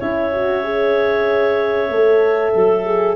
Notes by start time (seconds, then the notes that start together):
0.00 C#4 E4 C#5 E5
0.33 F#4
0.64 G#4
1.90 A3 A4
2.55 F#3 A4
2.85 G#4